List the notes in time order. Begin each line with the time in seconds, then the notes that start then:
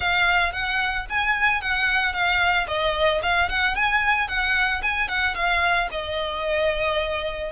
0.00 F5
0.52 F#5
1.09 G#5
1.61 F#5
2.13 F5
2.67 D#5
3.22 F5
3.49 F#5
3.75 G#5
4.28 F#5
4.82 G#5
5.08 F#5
5.34 F5
5.91 D#5